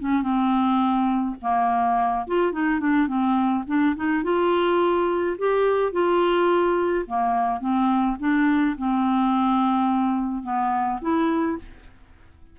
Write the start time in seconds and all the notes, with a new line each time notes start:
0.00 C#4
0.23 C4
1.42 A#3
2.27 F4
2.53 D#4
2.80 D4
3.08 C4
3.67 D4
3.96 D#4
4.24 F4
5.39 G4
5.93 F4
7.07 A#3
7.60 C4
8.20 D4
8.78 C4
10.43 B3
11.02 E4